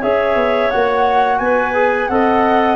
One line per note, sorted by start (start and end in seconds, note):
0.00 0.35 C#4
0.00 0.71 G#4
0.00 1.38 C#5
0.00 0.70 E5
0.35 0.69 B3
0.70 1.40 A#3
0.70 1.75 F#4
0.70 1.39 F#5
1.39 2.09 B3
1.39 2.11 B4
1.39 2.07 G#5
1.75 2.09 G#4
2.07 2.76 C4
2.07 2.76 A4
2.07 2.76 D#5
2.07 2.76 F#5